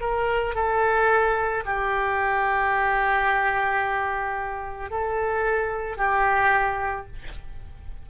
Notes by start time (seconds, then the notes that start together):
0.00 A#4
0.55 A4
1.65 G4
4.90 A4
5.97 G4